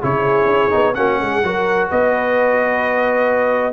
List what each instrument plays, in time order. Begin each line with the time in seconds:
0.00 tuba C#3, trombone E4, horn G#4, trumpet C#5
0.46 tuba C#4
0.71 tuba B3, trombone D#4
0.95 tuba A#3, trombone C#4, horn F#4, trumpet F#5
1.21 tuba G#3, horn G#4
1.43 tuba F#3, trombone F#4, horn A#4
1.90 tuba B3, horn B4, trumpet D#5